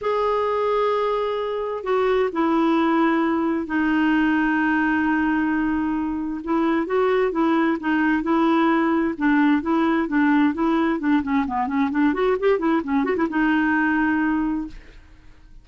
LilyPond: \new Staff \with { instrumentName = "clarinet" } { \time 4/4 \tempo 4 = 131 gis'1 | fis'4 e'2. | dis'1~ | dis'2 e'4 fis'4 |
e'4 dis'4 e'2 | d'4 e'4 d'4 e'4 | d'8 cis'8 b8 cis'8 d'8 fis'8 g'8 e'8 | cis'8 fis'16 e'16 dis'2. | }